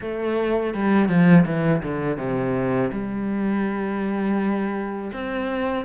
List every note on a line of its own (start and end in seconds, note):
0.00 0.74 A3
0.74 1.08 G3
1.08 1.45 F3
1.45 1.82 E3
1.82 2.18 D3
2.18 2.91 C3
2.92 5.11 G3
5.13 5.85 C4